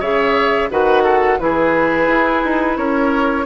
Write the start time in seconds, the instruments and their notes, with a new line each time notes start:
0.00 bassoon C#3, clarinet G#4, oboe C#5, flute E5
0.70 bassoon D#3, clarinet F#4, oboe B4, flute F#5
1.03 oboe A4
1.39 bassoon E3, clarinet E4, oboe G#4, flute B4
2.08 bassoon E4
2.45 bassoon D#4
2.77 bassoon C#4, oboe A#4, flute C#5